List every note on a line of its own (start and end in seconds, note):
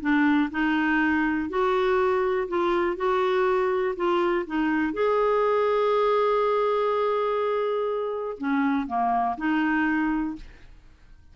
0.00 0.49 D4
0.51 1.49 D#4
1.49 2.47 F#4
2.48 2.96 F4
2.96 3.95 F#4
3.96 4.45 F4
4.46 4.93 D#4
4.93 8.37 G#4
8.38 8.87 C#4
8.87 9.36 A#3
9.37 10.35 D#4